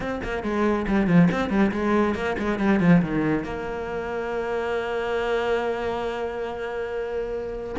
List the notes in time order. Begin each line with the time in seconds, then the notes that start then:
0.00 C4
0.23 A#3
0.43 G#3
0.87 G3
1.07 F3
1.31 C4
1.49 G3
1.71 G#3
2.15 A#3
2.38 G#3
2.58 G3
2.80 F3
3.02 D#3
3.43 A#3